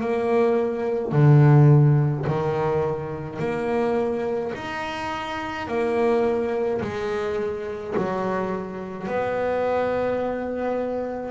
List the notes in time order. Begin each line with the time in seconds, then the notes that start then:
0.00 A#3
1.12 D3
2.27 D#3
3.39 A#3
4.55 D#4
5.68 A#3
6.81 G#3
7.97 F#3
9.07 B3